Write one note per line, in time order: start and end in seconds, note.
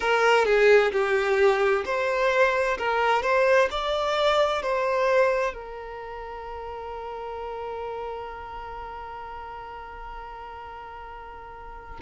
0.00 0.45 A#4
0.45 0.91 G#4
0.91 1.84 G4
1.85 2.77 C5
2.77 3.22 A#4
3.22 3.68 C5
3.70 4.62 D5
4.62 5.53 C5
5.53 12.00 A#4